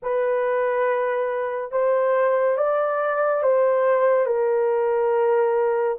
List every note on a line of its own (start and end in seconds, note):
0.02 1.71 B4
1.71 2.57 C5
2.57 3.42 D5
3.42 4.26 C5
4.26 5.97 A#4